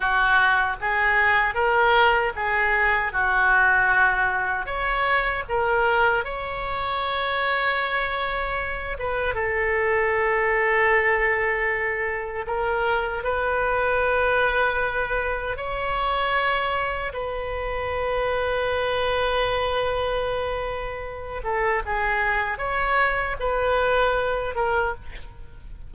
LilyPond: \new Staff \with { instrumentName = "oboe" } { \time 4/4 \tempo 4 = 77 fis'4 gis'4 ais'4 gis'4 | fis'2 cis''4 ais'4 | cis''2.~ cis''8 b'8 | a'1 |
ais'4 b'2. | cis''2 b'2~ | b'2.~ b'8 a'8 | gis'4 cis''4 b'4. ais'8 | }